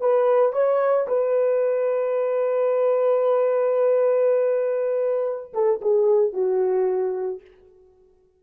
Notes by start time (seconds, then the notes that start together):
0.00 B4
0.52 C#5
1.07 B4
5.53 A4
5.81 G#4
6.33 F#4